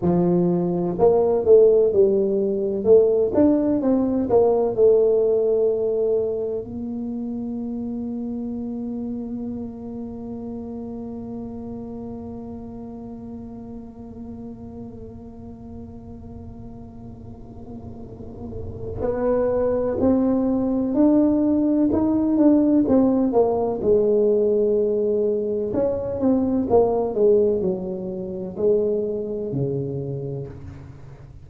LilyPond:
\new Staff \with { instrumentName = "tuba" } { \time 4/4 \tempo 4 = 63 f4 ais8 a8 g4 a8 d'8 | c'8 ais8 a2 ais4~ | ais1~ | ais1~ |
ais1 | b4 c'4 d'4 dis'8 d'8 | c'8 ais8 gis2 cis'8 c'8 | ais8 gis8 fis4 gis4 cis4 | }